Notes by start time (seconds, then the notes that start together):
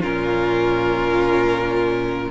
0.00 A#2 C#4 F4 A#4